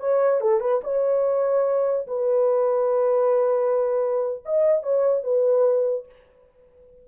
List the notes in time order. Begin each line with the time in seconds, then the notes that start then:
0.00 C#5
0.41 A4
0.60 B4
0.83 C#5
2.07 B4
4.45 D#5
4.83 C#5
5.23 B4